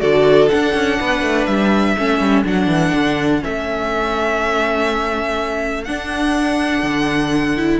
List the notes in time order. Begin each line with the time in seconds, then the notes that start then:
0.00 D3 F#4 A4 D5
0.49 D4 F#5
0.75 C#4
1.00 B3 B4
1.22 A3
1.46 G3 E5
1.96 A3 C#4 A4
2.20 G3
2.45 F#3 D4 F#5
2.67 E3
2.94 D3
3.41 A3 C#4 E5
5.84 D4 F#5
6.83 D3
7.58 E4